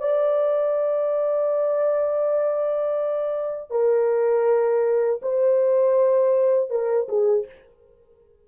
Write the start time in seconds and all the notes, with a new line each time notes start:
0.00 D5
3.71 A#4
5.22 C5
6.70 A#4
7.08 G#4